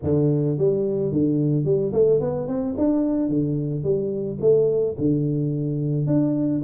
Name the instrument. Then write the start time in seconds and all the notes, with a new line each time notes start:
tuba
0.03 D3
0.58 G3
1.12 D3
1.65 G3
1.93 A3
2.20 B3
2.47 C4
2.77 D4
3.29 D3
3.83 G3
4.40 A3
4.98 D3
6.06 D4